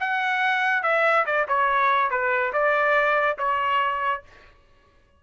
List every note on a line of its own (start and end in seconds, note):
0.00 0.83 F#5
0.83 1.25 E5
1.26 1.47 D5
1.48 2.10 C#5
2.10 2.53 B4
2.53 3.37 D5
3.38 4.23 C#5